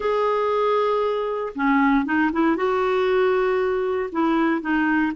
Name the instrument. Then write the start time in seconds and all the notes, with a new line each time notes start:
clarinet
0.00 G#4
1.55 C#4
2.05 D#4
2.32 E4
2.56 F#4
4.11 E4
4.61 D#4